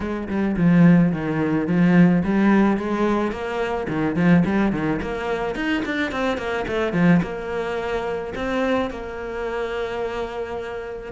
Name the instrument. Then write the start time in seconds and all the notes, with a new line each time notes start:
cello
0.00 G#3
0.28 G3
0.56 F3
1.11 D#3
1.67 F3
2.24 G3
2.77 G#3
3.31 A#3
3.88 D#3
4.15 F3
4.45 G3
4.72 D#3
5.02 A#3
5.55 D#4
5.85 D4
6.11 C4
6.37 A#3
6.67 A3
6.93 F3
7.22 A#3
8.35 C4
8.90 A#3